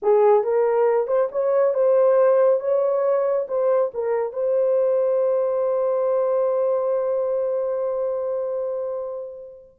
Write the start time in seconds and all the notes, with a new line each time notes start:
0.02 G#4
0.43 A#4
1.07 C5
1.31 C#5
1.74 C5
2.59 C#5
3.48 C5
3.93 A#4
4.32 C5